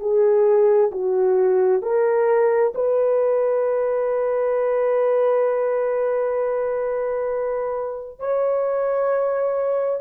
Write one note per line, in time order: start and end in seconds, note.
0.00 0.91 G#4
0.92 1.82 F#4
1.82 2.73 A#4
2.75 8.19 B4
8.19 10.01 C#5